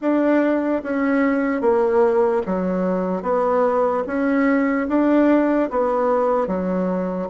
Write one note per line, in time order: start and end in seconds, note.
0.01 0.82 D4
0.83 1.61 C#4
1.61 2.42 A#3
2.45 3.22 F#3
3.22 4.03 B3
4.06 4.87 C#4
4.88 5.69 D4
5.70 6.47 B3
6.47 7.28 F#3